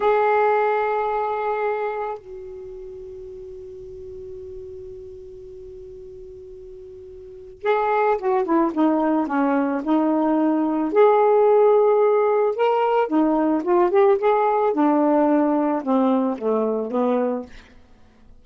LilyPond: \new Staff \with { instrumentName = "saxophone" } { \time 4/4 \tempo 4 = 110 gis'1 | fis'1~ | fis'1~ | fis'2 gis'4 fis'8 e'8 |
dis'4 cis'4 dis'2 | gis'2. ais'4 | dis'4 f'8 g'8 gis'4 d'4~ | d'4 c'4 a4 b4 | }